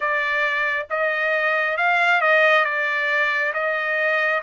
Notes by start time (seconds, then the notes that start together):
0.00 D5
0.89 D#5
1.76 F5
2.21 D#5
2.64 D5
3.53 D#5